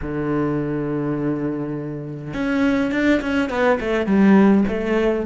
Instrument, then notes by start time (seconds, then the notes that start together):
cello
0.01 D3
2.33 C#4
2.91 D4
3.21 C#4
3.49 B3
3.79 A3
4.06 G3
4.68 A3